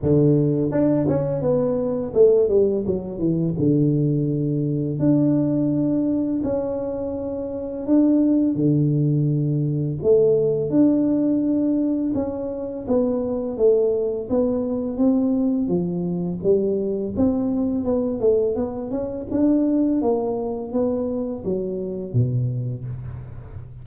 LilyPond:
\new Staff \with { instrumentName = "tuba" } { \time 4/4 \tempo 4 = 84 d4 d'8 cis'8 b4 a8 g8 | fis8 e8 d2 d'4~ | d'4 cis'2 d'4 | d2 a4 d'4~ |
d'4 cis'4 b4 a4 | b4 c'4 f4 g4 | c'4 b8 a8 b8 cis'8 d'4 | ais4 b4 fis4 b,4 | }